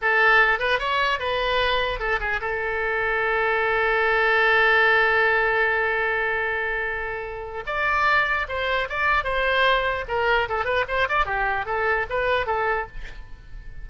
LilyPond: \new Staff \with { instrumentName = "oboe" } { \time 4/4 \tempo 4 = 149 a'4. b'8 cis''4 b'4~ | b'4 a'8 gis'8 a'2~ | a'1~ | a'1~ |
a'2. d''4~ | d''4 c''4 d''4 c''4~ | c''4 ais'4 a'8 b'8 c''8 d''8 | g'4 a'4 b'4 a'4 | }